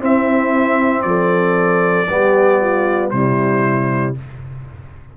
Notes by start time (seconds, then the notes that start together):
0.00 C4 E4 E5
1.02 F3 A4 D5
2.09 G3 B3 G4
2.60 F4
3.11 C3 G3 E4 C5